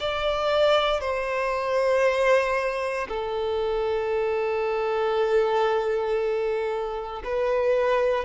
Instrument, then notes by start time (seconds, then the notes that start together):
violin
0.00 D5
1.01 C5
3.08 A4
7.24 B4